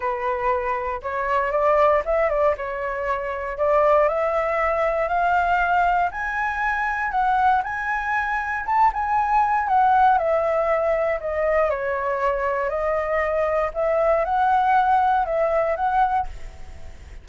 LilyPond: \new Staff \with { instrumentName = "flute" } { \time 4/4 \tempo 4 = 118 b'2 cis''4 d''4 | e''8 d''8 cis''2 d''4 | e''2 f''2 | gis''2 fis''4 gis''4~ |
gis''4 a''8 gis''4. fis''4 | e''2 dis''4 cis''4~ | cis''4 dis''2 e''4 | fis''2 e''4 fis''4 | }